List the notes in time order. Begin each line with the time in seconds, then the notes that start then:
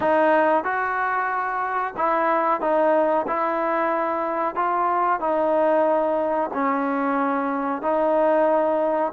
0.00 D#4
0.64 F#4
1.97 E4
2.60 D#4
3.27 E4
4.55 F4
5.20 D#4
6.53 C#4
7.82 D#4